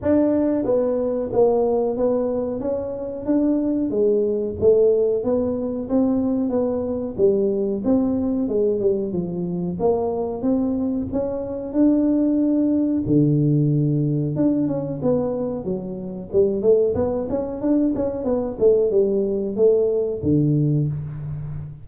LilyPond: \new Staff \with { instrumentName = "tuba" } { \time 4/4 \tempo 4 = 92 d'4 b4 ais4 b4 | cis'4 d'4 gis4 a4 | b4 c'4 b4 g4 | c'4 gis8 g8 f4 ais4 |
c'4 cis'4 d'2 | d2 d'8 cis'8 b4 | fis4 g8 a8 b8 cis'8 d'8 cis'8 | b8 a8 g4 a4 d4 | }